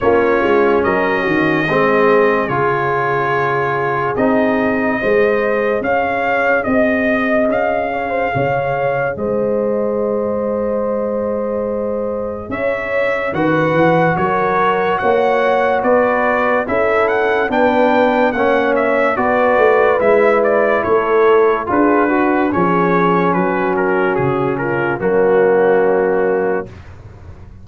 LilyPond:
<<
  \new Staff \with { instrumentName = "trumpet" } { \time 4/4 \tempo 4 = 72 cis''4 dis''2 cis''4~ | cis''4 dis''2 f''4 | dis''4 f''2 dis''4~ | dis''2. e''4 |
fis''4 cis''4 fis''4 d''4 | e''8 fis''8 g''4 fis''8 e''8 d''4 | e''8 d''8 cis''4 b'4 cis''4 | b'8 ais'8 gis'8 ais'8 fis'2 | }
  \new Staff \with { instrumentName = "horn" } { \time 4/4 f'4 ais'8 fis'8 gis'2~ | gis'2 c''4 cis''4 | dis''4. cis''16 c''16 cis''4 c''4~ | c''2. cis''4 |
b'4 ais'4 cis''4 b'4 | a'4 b'4 cis''4 b'4~ | b'4 a'4 gis'8 fis'8 gis'4 | fis'4. f'8 cis'2 | }
  \new Staff \with { instrumentName = "trombone" } { \time 4/4 cis'2 c'4 f'4~ | f'4 dis'4 gis'2~ | gis'1~ | gis'1 |
fis'1 | e'4 d'4 cis'4 fis'4 | e'2 f'8 fis'8 cis'4~ | cis'2 ais2 | }
  \new Staff \with { instrumentName = "tuba" } { \time 4/4 ais8 gis8 fis8 dis8 gis4 cis4~ | cis4 c'4 gis4 cis'4 | c'4 cis'4 cis4 gis4~ | gis2. cis'4 |
dis8 e8 fis4 ais4 b4 | cis'4 b4 ais4 b8 a8 | gis4 a4 d'4 f4 | fis4 cis4 fis2 | }
>>